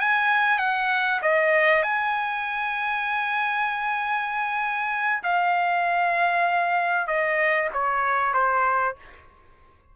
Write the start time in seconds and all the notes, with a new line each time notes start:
0.00 G#5
0.58 F#5
1.22 D#5
1.82 G#5
5.23 F5
7.07 D#5
7.73 C#5
8.33 C5